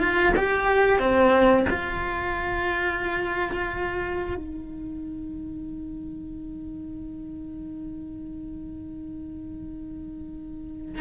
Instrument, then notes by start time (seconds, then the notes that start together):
cello
0.00 F4
0.37 G4
0.99 C4
1.70 F4
4.36 D#4